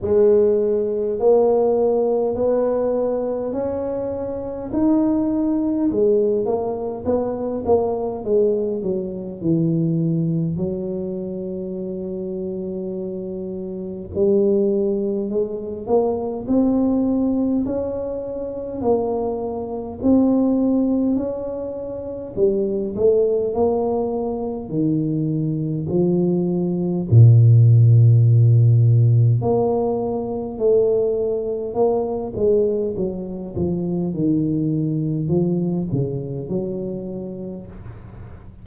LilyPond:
\new Staff \with { instrumentName = "tuba" } { \time 4/4 \tempo 4 = 51 gis4 ais4 b4 cis'4 | dis'4 gis8 ais8 b8 ais8 gis8 fis8 | e4 fis2. | g4 gis8 ais8 c'4 cis'4 |
ais4 c'4 cis'4 g8 a8 | ais4 dis4 f4 ais,4~ | ais,4 ais4 a4 ais8 gis8 | fis8 f8 dis4 f8 cis8 fis4 | }